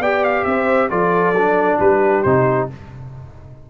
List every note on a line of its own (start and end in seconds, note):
0.00 0.44 B3
0.00 0.90 G4
0.00 0.45 D5
0.00 0.24 G5
0.24 0.45 F5
0.45 0.90 C4
0.45 0.90 C5
0.45 0.89 E5
0.90 1.33 F3
0.90 1.35 F4
0.90 1.79 A4
0.90 1.80 D5
1.33 1.78 F#3
1.33 2.26 D4
1.80 2.24 G3
1.80 2.70 G4
1.80 2.23 B4
2.23 2.70 C3
2.23 2.70 D#4
2.23 2.68 C5